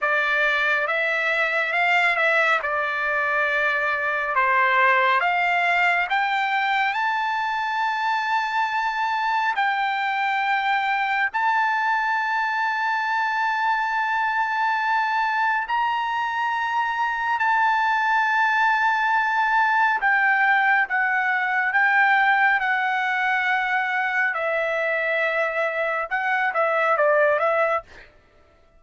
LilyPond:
\new Staff \with { instrumentName = "trumpet" } { \time 4/4 \tempo 4 = 69 d''4 e''4 f''8 e''8 d''4~ | d''4 c''4 f''4 g''4 | a''2. g''4~ | g''4 a''2.~ |
a''2 ais''2 | a''2. g''4 | fis''4 g''4 fis''2 | e''2 fis''8 e''8 d''8 e''8 | }